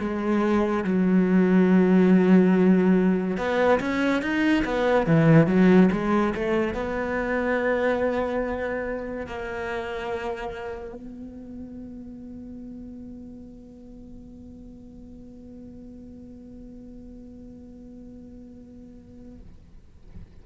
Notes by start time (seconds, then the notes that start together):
0.00 G#3
0.85 F#3
3.37 B3
3.80 C#4
4.22 D#4
4.65 B3
5.07 E3
5.47 F#3
5.92 G#3
6.35 A3
6.75 B3
9.27 A#3
10.94 B3